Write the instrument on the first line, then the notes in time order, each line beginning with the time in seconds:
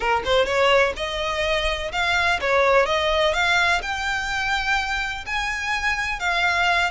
violin
0.00 A#4
0.24 C5
0.45 C#5
0.96 D#5
1.92 F5
2.40 C#5
2.86 D#5
3.33 F5
3.82 G5
5.26 G#5
6.19 F5